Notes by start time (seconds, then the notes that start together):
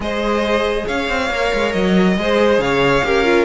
0.00 G#3 G#4 C5 D#5
0.86 C#4 C#5 F5
1.08 C4
1.30 A#3 A#4
1.53 G#3
1.72 F#3 D#5
2.17 G#3 G#4 C5
2.58 C#3 C#5 F5
3.04 C#4 G4 A#4
3.24 F4